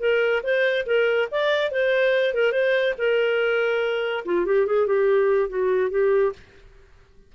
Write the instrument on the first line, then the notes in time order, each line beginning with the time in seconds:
clarinet
0.00 A#4
0.44 C5
0.87 A#4
1.32 D5
1.72 C5
2.35 A#4
2.52 C5
2.98 A#4
4.25 F4
4.46 G4
4.67 G#4
4.87 G4
5.49 F#4
5.91 G4